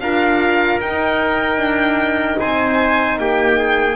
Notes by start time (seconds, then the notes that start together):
0.00 D4 F4 A#4 F5
0.81 D#4 G5
1.57 D4
2.39 C4 C5 G#5
3.19 A#3 G4 G5
3.58 G#4